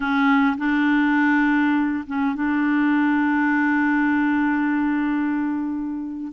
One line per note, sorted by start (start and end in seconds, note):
0.00 0.56 C#4
0.57 2.04 D4
2.06 2.35 C#4
2.35 6.32 D4